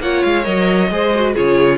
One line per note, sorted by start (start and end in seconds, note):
0.00 0.22 A#3
0.00 0.44 F4
0.00 0.91 C#5
0.00 0.24 F#5
0.24 0.46 G#3
0.24 0.44 F5
0.44 0.91 F#3
0.44 0.89 A#4
0.44 1.34 D#5
0.91 1.36 G#3
0.91 1.14 G#4
0.91 1.34 C5
1.15 1.36 F#4
1.34 1.78 C#3
1.34 1.78 F4
1.34 1.78 G#4
1.34 1.78 C#5